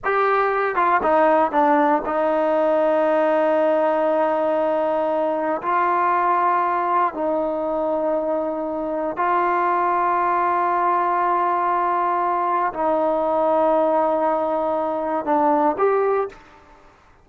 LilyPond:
\new Staff \with { instrumentName = "trombone" } { \time 4/4 \tempo 4 = 118 g'4. f'8 dis'4 d'4 | dis'1~ | dis'2. f'4~ | f'2 dis'2~ |
dis'2 f'2~ | f'1~ | f'4 dis'2.~ | dis'2 d'4 g'4 | }